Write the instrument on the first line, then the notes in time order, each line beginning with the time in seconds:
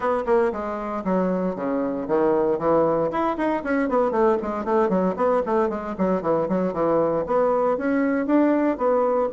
bassoon
0.00 B3
0.26 A#3
0.52 G#3
1.04 F#3
1.55 C#3
2.08 D#3
2.59 E3
3.11 E4
3.37 D#4
3.63 C#4
3.89 B3
4.11 A3
4.42 G#3
4.64 A3
4.89 F#3
5.16 B3
5.46 A3
5.69 G#3
5.98 F#3
6.22 E3
6.48 F#3
6.73 E3
7.26 B3
7.77 C#4
8.26 D4
8.77 B3